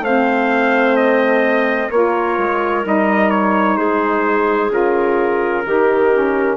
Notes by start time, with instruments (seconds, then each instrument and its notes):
0.00 bassoon A3, saxophone C4, clarinet C5, trumpet F5
0.96 trumpet D#5
1.90 bassoon A#3, saxophone F4, clarinet A#4, trumpet C#5
2.38 bassoon G#3
2.82 bassoon G3, saxophone D#4, trumpet D#5
3.30 trumpet C#5
3.77 bassoon G#3, clarinet G#4, trumpet C5
4.70 bassoon C#3, saxophone F4, trumpet A#4
5.65 bassoon D#3, saxophone D#4, clarinet G4
6.13 saxophone C#4